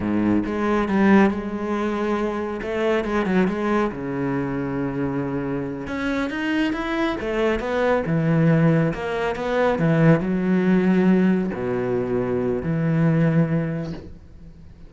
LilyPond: \new Staff \with { instrumentName = "cello" } { \time 4/4 \tempo 4 = 138 gis,4 gis4 g4 gis4~ | gis2 a4 gis8 fis8 | gis4 cis2.~ | cis4. cis'4 dis'4 e'8~ |
e'8 a4 b4 e4.~ | e8 ais4 b4 e4 fis8~ | fis2~ fis8 b,4.~ | b,4 e2. | }